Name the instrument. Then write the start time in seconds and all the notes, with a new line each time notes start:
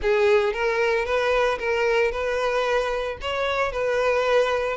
violin
0.01 G#4
0.53 A#4
1.05 B4
1.59 A#4
2.11 B4
3.21 C#5
3.72 B4